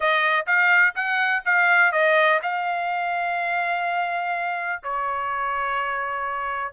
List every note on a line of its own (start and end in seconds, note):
0.00 0.46 D#5
0.46 0.94 F5
0.95 1.43 F#5
1.45 1.92 F5
1.92 2.40 D#5
2.42 4.82 F5
4.83 6.72 C#5